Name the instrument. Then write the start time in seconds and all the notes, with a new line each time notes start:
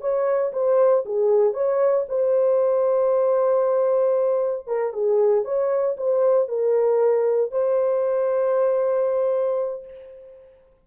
horn
0.00 C#5
0.52 C5
1.05 G#4
1.53 C#5
2.08 C5
4.67 A#4
4.93 G#4
5.44 C#5
5.96 C5
6.48 A#4
7.51 C5